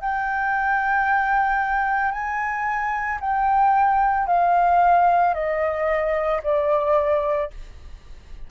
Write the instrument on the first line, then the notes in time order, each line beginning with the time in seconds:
flute
0.00 G5
2.11 G#5
3.20 G5
4.27 F5
5.34 D#5
6.43 D5